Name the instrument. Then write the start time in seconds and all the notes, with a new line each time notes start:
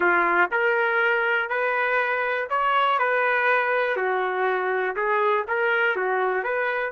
trumpet
0.00 F4
0.51 A#4
1.49 B4
2.49 C#5
2.99 B4
3.96 F#4
4.96 G#4
5.47 A#4
5.96 F#4
6.43 B4